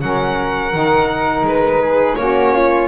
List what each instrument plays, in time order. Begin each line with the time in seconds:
0.00 double bass F#3, saxophone C#4, flute A#4, violin F#5
0.73 double bass D#3, saxophone D#4
1.42 double bass G#3, violin B4
1.82 flute G#4
2.16 double bass A#3, saxophone C#4, flute F#4, violin C#5
2.55 flute F4